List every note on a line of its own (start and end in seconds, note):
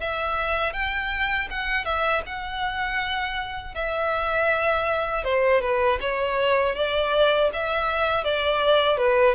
0.00 0.73 E5
0.73 1.48 G5
1.50 1.85 F#5
1.85 2.22 E5
2.26 3.74 F#5
3.74 5.24 E5
5.24 5.61 C5
5.61 5.99 B4
6.00 6.75 C#5
6.75 7.50 D5
7.53 8.24 E5
8.24 8.97 D5
8.97 9.35 B4